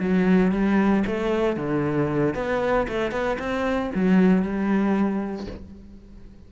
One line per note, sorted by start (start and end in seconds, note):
0.00 0.52 F#3
0.52 1.04 G3
1.07 1.57 A3
1.57 2.35 D3
2.35 2.87 B3
2.88 3.12 A3
3.12 3.38 B3
3.39 3.91 C4
3.95 4.42 F#3
4.42 5.47 G3